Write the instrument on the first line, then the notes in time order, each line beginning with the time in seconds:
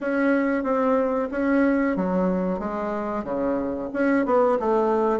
bassoon
0.00 C#4
0.63 C4
1.31 C#4
1.96 F#3
2.59 G#3
3.23 C#3
3.93 C#4
4.25 B3
4.59 A3